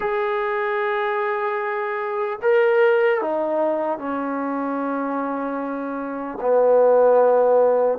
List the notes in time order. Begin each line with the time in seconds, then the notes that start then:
0.00 G#4
2.41 A#4
3.21 D#4
3.98 C#4
6.40 B3